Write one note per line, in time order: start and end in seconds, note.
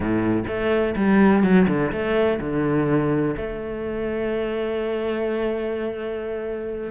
0.00 0.44 A2
0.47 0.95 A3
0.95 1.43 G3
1.43 1.67 F#3
1.68 1.91 D3
1.92 2.39 A3
2.40 3.35 D3
3.36 6.91 A3